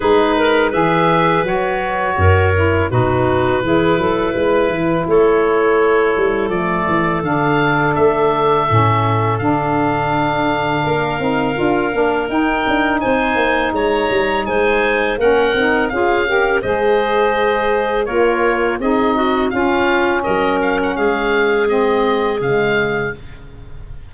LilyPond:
<<
  \new Staff \with { instrumentName = "oboe" } { \time 4/4 \tempo 4 = 83 b'4 e''4 cis''2 | b'2. cis''4~ | cis''4 d''4 f''4 e''4~ | e''4 f''2.~ |
f''4 g''4 gis''4 ais''4 | gis''4 fis''4 f''4 dis''4~ | dis''4 cis''4 dis''4 f''4 | dis''8 f''16 fis''16 f''4 dis''4 f''4 | }
  \new Staff \with { instrumentName = "clarinet" } { \time 4/4 gis'8 ais'8 b'2 ais'4 | fis'4 gis'8 a'8 b'4 a'4~ | a'1~ | a'2. ais'4~ |
ais'2 c''4 cis''4 | c''4 ais'4 gis'8 ais'8 c''4~ | c''4 ais'4 gis'8 fis'8 f'4 | ais'4 gis'2. | }
  \new Staff \with { instrumentName = "saxophone" } { \time 4/4 dis'4 gis'4 fis'4. e'8 | dis'4 e'2.~ | e'4 a4 d'2 | cis'4 d'2~ d'8 dis'8 |
f'8 d'8 dis'2.~ | dis'4 cis'8 dis'8 f'8 g'8 gis'4~ | gis'4 f'4 dis'4 cis'4~ | cis'2 c'4 gis4 | }
  \new Staff \with { instrumentName = "tuba" } { \time 4/4 gis4 e4 fis4 fis,4 | b,4 e8 fis8 gis8 e8 a4~ | a8 g8 f8 e8 d4 a4 | a,4 d2 ais8 c'8 |
d'8 ais8 dis'8 d'8 c'8 ais8 gis8 g8 | gis4 ais8 c'8 cis'4 gis4~ | gis4 ais4 c'4 cis'4 | fis4 gis2 cis4 | }
>>